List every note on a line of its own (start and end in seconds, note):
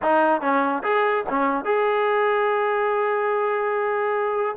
0.02 0.41 D#4
0.41 0.82 C#4
0.83 1.24 G#4
1.29 1.64 C#4
1.64 4.56 G#4